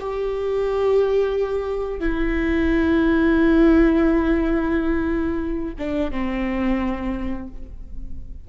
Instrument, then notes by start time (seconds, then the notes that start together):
viola
0.00 G4
2.00 E4
5.79 D4
6.11 C4